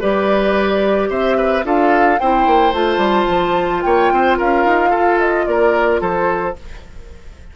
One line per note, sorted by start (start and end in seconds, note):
0.00 1.09 G3
0.00 1.63 G4
0.00 1.09 B4
0.00 1.10 D5
1.09 1.64 C4
1.09 1.37 C5
1.09 1.65 E5
1.37 1.64 B4
1.63 2.19 D4
1.63 2.18 F4
1.63 2.20 A4
1.63 2.19 F5
2.19 2.46 C4
2.19 2.73 E4
2.19 3.84 C5
2.19 2.73 G5
2.46 2.72 A#3
2.72 2.97 A3
2.72 6.55 F4
2.72 3.82 A5
2.97 3.24 G3
3.28 3.83 F3
3.82 4.11 A#3
3.82 4.12 C#5
3.82 4.36 G5
4.11 4.39 C4
4.11 4.37 C5
4.37 4.65 C#4
4.37 4.90 A#4
4.37 5.19 F5
4.65 4.92 D#4
4.90 5.46 F4
4.90 5.44 A4
5.19 5.46 D#5
5.46 6.01 A#3
5.46 6.00 A#4
5.46 6.01 D5
6.00 6.55 F3
6.00 6.55 A4
6.00 6.56 C5